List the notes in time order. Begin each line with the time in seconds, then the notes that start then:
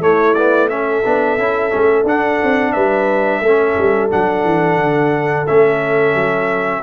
0.00 A3 E4 C#5
0.34 B3 D5
0.70 C#4 A4 E5
1.05 B3 D4
1.38 C#4 E4
1.70 A3 C#4
2.04 D4 F#5
2.44 C4
2.73 G3 B4 E5
3.41 A3 C#4 A4
3.78 G3
4.10 F#3 D4 F#5
4.44 E3
4.78 D3
5.47 A3 C#4 E5
6.14 F#3